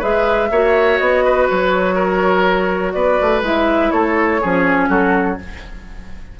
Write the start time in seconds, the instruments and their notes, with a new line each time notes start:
0.00 bassoon G#3, clarinet G#4, oboe B4, flute E5
0.51 bassoon A#3, clarinet F#4, oboe C#5
0.99 bassoon B3, flute D#5
1.25 oboe B4
1.50 bassoon F#3, flute C#5
1.95 oboe A#4
2.93 bassoon B3, oboe B4, flute D5
3.21 bassoon A3
3.42 bassoon G#3, clarinet E4, flute E5
3.91 bassoon A3, oboe A4, flute C#5
4.42 bassoon F3, clarinet C#4, oboe G#4
4.89 bassoon F#3, oboe F#4, flute A4